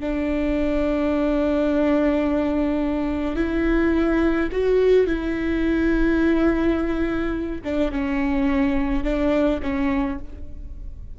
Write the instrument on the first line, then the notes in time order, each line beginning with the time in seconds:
viola
0.00 D4
3.36 E4
4.52 F#4
5.06 E4
7.64 D4
7.91 C#4
9.04 D4
9.62 C#4